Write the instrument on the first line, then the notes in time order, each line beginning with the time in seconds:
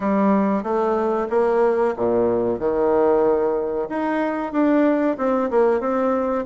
bassoon
0.00 G3
0.63 A3
1.30 A#3
1.96 A#2
2.59 D#3
3.89 D#4
4.52 D4
5.17 C4
5.50 A#3
5.80 C4